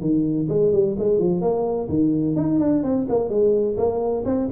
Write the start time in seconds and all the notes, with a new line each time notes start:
0.00 D#3
0.48 G#3
0.72 G3
0.99 G#3
1.18 F3
1.41 A#3
1.89 D#3
2.36 D#4
2.59 D4
2.83 C4
3.08 A#3
3.29 G#3
3.77 A#3
4.25 C4